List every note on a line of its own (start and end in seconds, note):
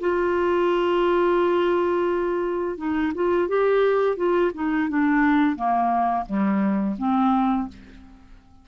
0.00 2.77 F4
2.77 3.12 D#4
3.14 3.48 F4
3.48 4.16 G4
4.16 4.51 F4
4.54 4.89 D#4
4.89 5.56 D4
5.56 6.25 A#3
6.26 6.95 G3
6.98 7.68 C4